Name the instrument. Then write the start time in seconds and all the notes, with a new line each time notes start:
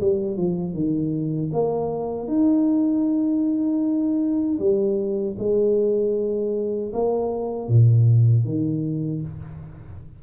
tuba
0.00 G3
0.37 F3
0.73 D#3
1.52 A#3
2.27 D#4
4.59 G3
5.38 G#3
6.93 A#3
7.68 A#2
8.45 D#3